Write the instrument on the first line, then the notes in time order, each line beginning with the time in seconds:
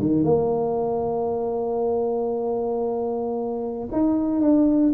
tuba
0.00 D#3
0.23 A#3
3.92 D#4
4.40 D4